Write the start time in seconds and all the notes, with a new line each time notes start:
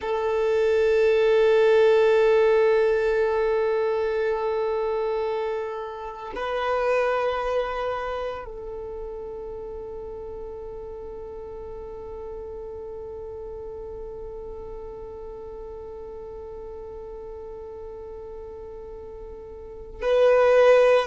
0.01 A4
6.35 B4
8.44 A4
20.02 B4